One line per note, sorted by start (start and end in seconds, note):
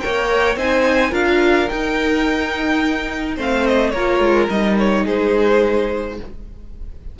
0.00 0.56 A#3
0.00 0.57 A#4
0.00 0.57 C#5
0.00 0.56 G5
0.56 1.12 C4
0.56 1.12 D#4
0.56 1.11 C5
0.56 1.14 G#5
1.11 1.68 D4
1.11 1.68 F4
1.11 3.35 A#4
1.11 1.69 F5
1.69 3.37 D#4
1.69 3.38 D#4
1.69 3.37 G5
3.36 3.93 A3
3.36 3.93 C4
3.36 3.93 C5
3.36 3.67 F5
3.67 3.90 D#5
3.90 4.20 A#3
3.90 4.50 F4
3.90 5.04 A#4
3.90 4.46 C#5
4.20 4.48 G#3
4.50 5.06 G3
4.50 6.18 D#4
4.50 4.78 D#5
4.78 5.06 C#5
5.04 6.20 G#3
5.04 6.16 G#4
5.04 6.19 C5